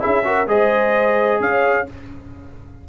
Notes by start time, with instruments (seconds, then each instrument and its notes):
0.00 tuba C#4, trombone E4, horn G#4, trumpet E5
0.24 trombone F#4, horn A#4
0.47 tuba G#3, trombone G#4, horn C5, trumpet D#5
1.40 tuba C#4, horn C#5, trumpet F5